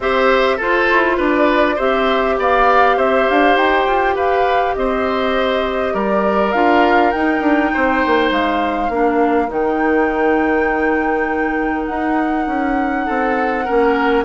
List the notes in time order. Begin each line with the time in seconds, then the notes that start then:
0.00 C4 G4 C5 E5
0.57 F4 A4 C5
0.91 E4
1.17 D4 B4 D5
1.75 C4 G4 C5 E5
2.38 B3 D5 F5
2.97 C4 C5 E5
3.28 D4 F5
3.56 D#4 G5
3.86 F4
4.15 G4 B4 F5
4.75 C4 C5 D#5
5.93 G3 A#4 D5
6.52 D4 F4 F5
7.11 D#4 G5
7.40 D4
7.73 C4 C5
8.06 A#3
8.30 G#3 F5
8.89 A#3 D4 A#4
9.48 D#3 D#4 G5
11.86 D#4 F#5
12.47 C#4
13.05 C4 A4
13.64 A#3 C#4 A#4